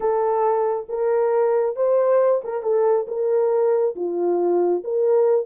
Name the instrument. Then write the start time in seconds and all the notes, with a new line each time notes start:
horn
0.00 A4
0.88 A#4
1.76 C5
2.44 A#4
2.62 A4
3.07 A#4
3.95 F4
4.84 A#4